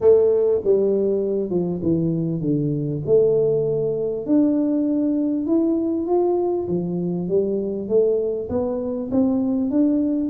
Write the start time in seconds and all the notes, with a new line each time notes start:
0.00 A3
0.64 G3
1.50 F3
1.82 E3
2.40 D3
3.06 A3
4.26 D4
5.46 E4
6.07 F4
6.67 F3
7.28 G3
7.88 A3
8.49 B3
9.11 C4
9.70 D4